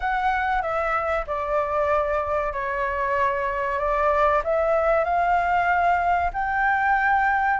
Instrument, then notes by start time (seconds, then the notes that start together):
flute
0.00 F#5
0.62 E5
1.26 D5
2.53 C#5
3.78 D5
4.44 E5
5.04 F5
6.33 G5